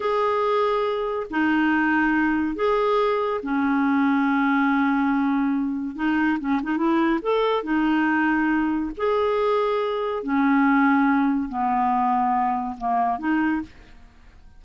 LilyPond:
\new Staff \with { instrumentName = "clarinet" } { \time 4/4 \tempo 4 = 141 gis'2. dis'4~ | dis'2 gis'2 | cis'1~ | cis'2 dis'4 cis'8 dis'8 |
e'4 a'4 dis'2~ | dis'4 gis'2. | cis'2. b4~ | b2 ais4 dis'4 | }